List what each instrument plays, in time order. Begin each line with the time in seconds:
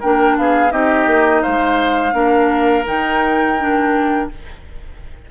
0.00 bassoon A#3, clarinet D4, oboe A#4, flute G5
0.37 bassoon B3, oboe G#4, flute F5
0.70 bassoon C4, clarinet D#4, oboe G4, flute D#5
1.07 bassoon A#3
1.43 bassoon G#3, oboe C5, flute F5
2.13 bassoon A#3, clarinet D4, oboe A#4
2.86 bassoon D#3, clarinet D#4, flute G5
3.60 clarinet D4